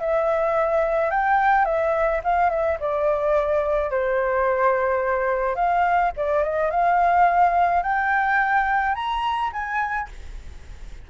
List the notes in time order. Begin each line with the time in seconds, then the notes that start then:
0.00 E5
1.10 G5
1.65 E5
2.24 F5
2.49 E5
2.80 D5
3.90 C5
5.55 F5
6.16 D5
6.43 D#5
6.70 F5
7.82 G5
8.95 A#5
9.52 G#5